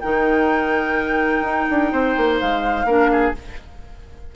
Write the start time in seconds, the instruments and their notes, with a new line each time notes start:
0.00 bassoon D#3, clarinet D#4, oboe A#4, flute G5
1.42 bassoon D#4
1.70 bassoon D4
1.92 bassoon C4, oboe C5
2.17 bassoon A#3
2.40 bassoon G#3, flute F5
2.85 bassoon A#3, clarinet D4, oboe A#4
3.12 oboe G#4